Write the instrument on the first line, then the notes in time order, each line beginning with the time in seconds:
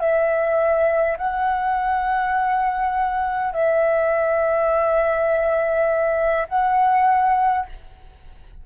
flute
0.00 E5
1.18 F#5
3.53 E5
6.49 F#5